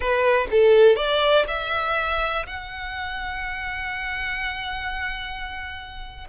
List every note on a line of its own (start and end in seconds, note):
0.00 0.47 B4
0.51 0.96 A4
0.96 1.45 D5
1.47 2.46 E5
2.46 6.27 F#5